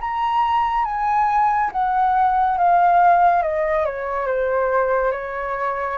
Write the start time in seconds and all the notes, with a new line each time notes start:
0.00 A#5
0.85 G#5
1.72 F#5
2.58 F5
3.42 D#5
3.85 C#5
4.27 C5
5.12 C#5